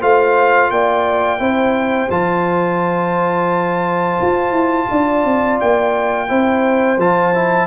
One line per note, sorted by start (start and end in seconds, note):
0.00 0.70 A3
0.00 1.39 F4
0.00 0.70 C5
0.00 0.70 F5
0.70 1.40 A#3
0.70 1.40 D5
0.70 2.10 G5
1.39 2.09 C4
1.39 2.09 E4
1.39 4.89 C5
2.10 4.19 F3
2.10 6.28 F4
2.10 5.59 A5
4.21 4.51 F4
4.51 4.86 E4
4.90 5.25 D4
4.90 6.29 D5
5.25 5.60 C4
5.60 6.30 A#3
5.60 7.00 G5
6.28 6.98 C4
6.28 6.98 E4
6.28 7.67 C5
6.98 7.67 F3
6.98 7.34 F4
6.98 7.67 A5
7.34 7.67 E4